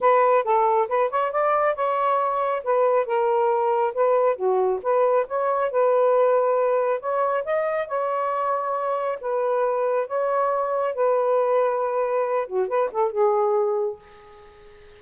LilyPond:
\new Staff \with { instrumentName = "saxophone" } { \time 4/4 \tempo 4 = 137 b'4 a'4 b'8 cis''8 d''4 | cis''2 b'4 ais'4~ | ais'4 b'4 fis'4 b'4 | cis''4 b'2. |
cis''4 dis''4 cis''2~ | cis''4 b'2 cis''4~ | cis''4 b'2.~ | b'8 fis'8 b'8 a'8 gis'2 | }